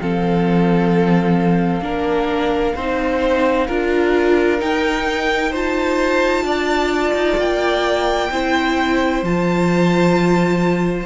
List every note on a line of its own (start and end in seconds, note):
0.00 1.80 F3
0.00 1.82 C4
0.00 1.84 A4
0.00 4.61 F5
1.80 2.73 A#3
1.80 2.74 D4
1.80 2.75 A#4
2.75 3.69 C4
2.75 3.69 D#4
2.75 3.67 C5
3.67 4.61 D4
3.67 4.59 F4
3.67 5.51 A#4
4.59 5.51 D#4
4.59 6.43 D#4
4.59 5.53 G5
5.51 8.31 F4
5.51 6.43 C5
5.51 7.40 A5
6.43 7.12 D4
6.43 8.31 D5
7.14 7.37 D#4
7.37 8.30 A#3
7.37 9.24 G5
8.31 9.23 C4
8.31 9.25 E4
8.31 11.06 C5
9.23 11.06 F3
9.23 11.06 F4
9.23 11.06 A5